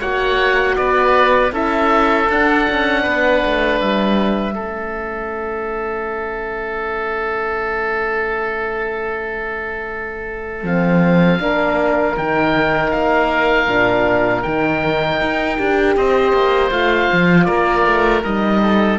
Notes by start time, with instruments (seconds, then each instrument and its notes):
0.00 cello A#3, horn F#4, oboe C#5 F#5
0.77 cello B3, oboe B4 D5
1.52 cello C#4, horn E4, oboe A4 E5
2.30 cello D4, horn D4, oboe F#5
2.70 cello C#4
3.03 cello B3, oboe B4
3.45 cello A3
3.81 cello G3, oboe E5
4.55 cello A3, horn C#4, oboe A4
10.64 cello F3, horn C4, oboe F5
11.40 cello A#3, horn D4, oboe A#4
12.17 cello D#3, horn D#4, oboe G5
12.91 cello A#3, oboe F5
13.68 cello A#2, horn D4
14.43 cello D#3, horn D#4, oboe G5
15.22 cello D#4
15.58 cello D4, horn G4
15.97 cello C4, oboe C5 D#5
16.33 cello A#3
16.71 cello A3, horn F4, oboe F5
17.13 cello F3
17.45 cello A#3, oboe A#4 D5
17.86 cello A3
18.25 cello G3, horn D#4, oboe D#5
18.63 oboe A4